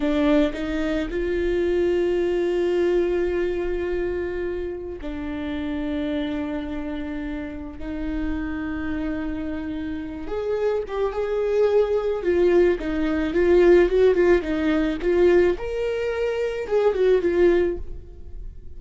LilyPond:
\new Staff \with { instrumentName = "viola" } { \time 4/4 \tempo 4 = 108 d'4 dis'4 f'2~ | f'1~ | f'4 d'2.~ | d'2 dis'2~ |
dis'2~ dis'8 gis'4 g'8 | gis'2 f'4 dis'4 | f'4 fis'8 f'8 dis'4 f'4 | ais'2 gis'8 fis'8 f'4 | }